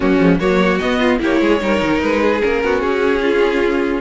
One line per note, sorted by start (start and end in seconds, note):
0.00 0.18 F#3
0.00 0.19 A#3
0.00 0.40 C#4
0.00 0.38 F#4
0.18 0.38 F3
0.18 0.39 G#3
0.39 0.79 F#3
0.39 0.80 A#3
0.39 0.98 F#4
0.39 0.78 C#5
0.78 1.19 B3
0.78 1.21 B3
0.78 1.18 D#5
0.98 1.18 F4
1.19 1.40 A#3
1.19 1.59 E4
1.19 1.41 G4
1.19 2.01 C#5
1.40 1.60 G#3
1.40 1.61 G#4
1.60 1.81 G3
1.60 2.40 D#4
1.60 2.22 A#4
1.81 2.02 D#3
2.01 2.42 G#3
2.01 2.41 B4
2.22 2.62 G#4
2.42 2.63 A#3
2.42 4.01 C#4
2.42 2.80 A#4
2.63 2.82 B3
2.63 3.21 F#4
2.80 4.01 C#4
2.80 4.01 G#4
3.21 4.01 F4